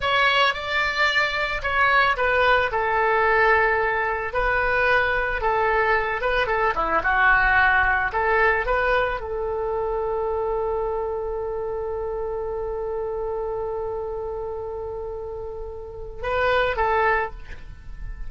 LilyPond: \new Staff \with { instrumentName = "oboe" } { \time 4/4 \tempo 4 = 111 cis''4 d''2 cis''4 | b'4 a'2. | b'2 a'4. b'8 | a'8 e'8 fis'2 a'4 |
b'4 a'2.~ | a'1~ | a'1~ | a'2 b'4 a'4 | }